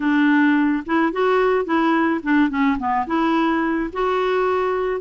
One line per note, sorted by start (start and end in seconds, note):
0.00 0.83 D4
0.86 1.12 E4
1.12 1.65 F#4
1.65 2.20 E4
2.23 2.49 D4
2.49 2.77 C#4
2.78 3.06 B3
3.07 3.90 E4
3.93 5.01 F#4